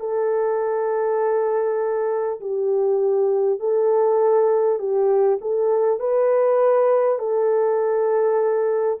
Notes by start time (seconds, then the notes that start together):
0.00 A4
2.40 G4
3.59 A4
4.78 G4
5.41 A4
5.99 B4
7.18 A4